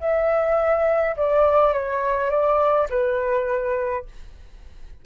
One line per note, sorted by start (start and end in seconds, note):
0.00 1.15 E5
1.16 1.73 D5
1.73 2.30 C#5
2.30 2.88 D5
2.90 4.05 B4